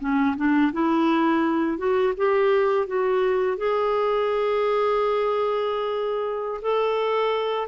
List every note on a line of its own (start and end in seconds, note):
0.00 0.36 C#4
0.36 0.72 D4
0.72 1.78 E4
1.78 2.13 F#4
2.17 2.87 G4
2.87 3.57 F#4
3.57 6.61 G#4
6.62 7.68 A4